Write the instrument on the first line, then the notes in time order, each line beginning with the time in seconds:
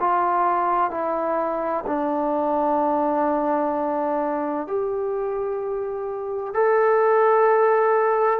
trombone
0.00 F4
0.91 E4
1.87 D4
4.67 G4
6.55 A4